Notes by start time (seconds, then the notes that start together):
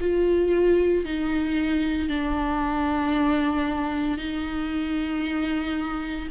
0.00 F4
1.05 D#4
2.09 D4
4.17 D#4